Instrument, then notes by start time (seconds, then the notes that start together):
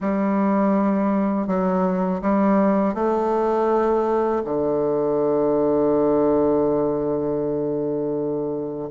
bassoon
0.00 G3
1.47 F#3
2.21 G3
2.94 A3
4.44 D3